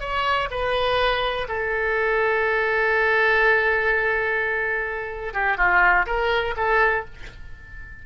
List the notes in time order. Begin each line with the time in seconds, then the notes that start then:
0.00 C#5
0.50 B4
1.48 A4
5.33 G4
5.57 F4
6.06 A#4
6.57 A4